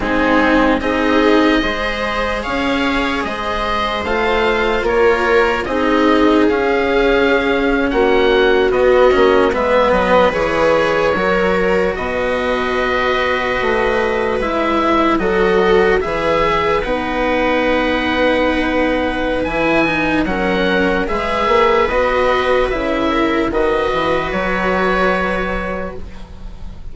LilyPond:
<<
  \new Staff \with { instrumentName = "oboe" } { \time 4/4 \tempo 4 = 74 gis'4 dis''2 f''4 | dis''4 f''4 cis''4 dis''4 | f''4.~ f''16 fis''4 dis''4 e''16~ | e''16 dis''8 cis''2 dis''4~ dis''16~ |
dis''4.~ dis''16 e''4 dis''4 e''16~ | e''8. fis''2.~ fis''16 | gis''4 fis''4 e''4 dis''4 | e''4 dis''4 cis''2 | }
  \new Staff \with { instrumentName = "viola" } { \time 4/4 dis'4 gis'4 c''4 cis''4 | c''2 ais'4 gis'4~ | gis'4.~ gis'16 fis'2 b'16~ | b'4.~ b'16 ais'4 b'4~ b'16~ |
b'2~ b'8. a'4 b'16~ | b'1~ | b'4 ais'4 b'2~ | b'8 ais'8 b'2. | }
  \new Staff \with { instrumentName = "cello" } { \time 4/4 c'4 dis'4 gis'2~ | gis'4 f'2 dis'4 | cis'2~ cis'8. b8 cis'8 b16~ | b8. gis'4 fis'2~ fis'16~ |
fis'4.~ fis'16 e'4 fis'4 gis'16~ | gis'8. dis'2.~ dis'16 | e'8 dis'8 cis'4 gis'4 fis'4 | e'4 fis'2. | }
  \new Staff \with { instrumentName = "bassoon" } { \time 4/4 gis4 c'4 gis4 cis'4 | gis4 a4 ais4 c'4 | cis'4.~ cis'16 ais4 b8 ais8 gis16~ | gis16 fis8 e4 fis4 b,4~ b,16~ |
b,8. a4 gis4 fis4 e16~ | e8. b2.~ b16 | e4 fis4 gis8 ais8 b4 | cis4 dis8 e8 fis2 | }
>>